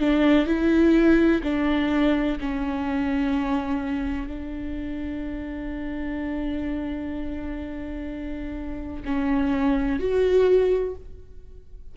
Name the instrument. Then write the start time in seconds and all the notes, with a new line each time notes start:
viola
0.00 D4
0.46 E4
1.44 D4
2.40 C#4
4.27 D4
9.05 C#4
10.00 F#4